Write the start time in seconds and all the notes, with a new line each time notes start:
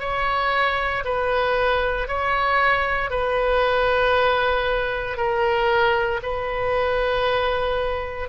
0.00 C#5
1.04 B4
2.08 C#5
3.10 B4
5.17 A#4
6.23 B4